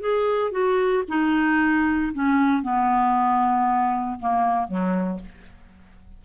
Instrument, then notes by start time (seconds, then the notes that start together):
clarinet
0.00 G#4
0.51 F#4
1.08 D#4
2.13 C#4
2.62 B3
4.19 A#3
4.67 F#3